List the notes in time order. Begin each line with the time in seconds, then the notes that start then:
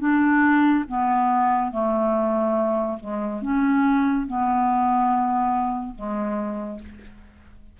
0.00 D4
0.88 B3
1.71 A3
3.00 G#3
3.42 C#4
4.27 B3
5.95 G#3